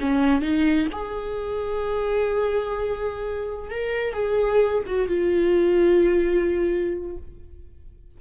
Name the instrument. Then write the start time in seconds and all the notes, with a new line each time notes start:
viola
0.00 C#4
0.41 D#4
0.92 G#4
3.70 A#4
4.13 G#4
4.86 F#4
5.08 F4